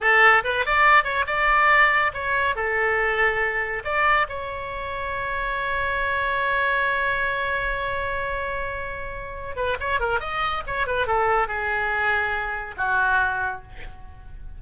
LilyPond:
\new Staff \with { instrumentName = "oboe" } { \time 4/4 \tempo 4 = 141 a'4 b'8 d''4 cis''8 d''4~ | d''4 cis''4 a'2~ | a'4 d''4 cis''2~ | cis''1~ |
cis''1~ | cis''2~ cis''8 b'8 cis''8 ais'8 | dis''4 cis''8 b'8 a'4 gis'4~ | gis'2 fis'2 | }